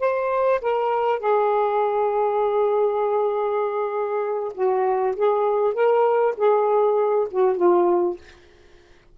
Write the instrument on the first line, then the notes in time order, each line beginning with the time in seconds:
saxophone
0.00 C5
0.62 A#4
1.20 G#4
4.55 F#4
5.17 G#4
5.74 A#4
6.37 G#4
7.31 F#4
7.57 F4